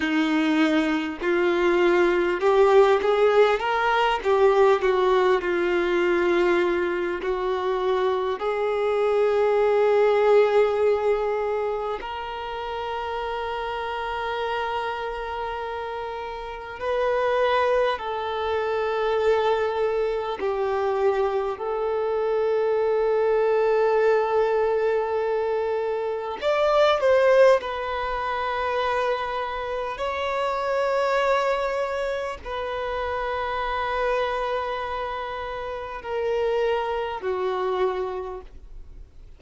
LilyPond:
\new Staff \with { instrumentName = "violin" } { \time 4/4 \tempo 4 = 50 dis'4 f'4 g'8 gis'8 ais'8 g'8 | fis'8 f'4. fis'4 gis'4~ | gis'2 ais'2~ | ais'2 b'4 a'4~ |
a'4 g'4 a'2~ | a'2 d''8 c''8 b'4~ | b'4 cis''2 b'4~ | b'2 ais'4 fis'4 | }